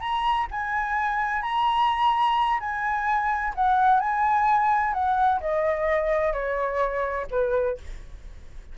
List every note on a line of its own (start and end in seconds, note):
0.00 0.47 A#5
0.51 1.42 G#5
1.42 2.59 A#5
2.60 3.53 G#5
3.55 4.00 F#5
4.00 4.93 G#5
4.93 5.40 F#5
5.40 6.33 D#5
6.33 7.26 C#5
7.31 7.77 B4